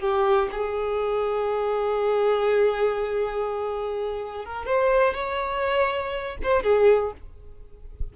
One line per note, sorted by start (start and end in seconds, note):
0.00 0.49 G4
0.52 4.46 G#4
4.46 4.66 A#4
4.66 5.14 C5
5.14 6.37 C#5
6.43 6.64 C5
6.64 7.13 G#4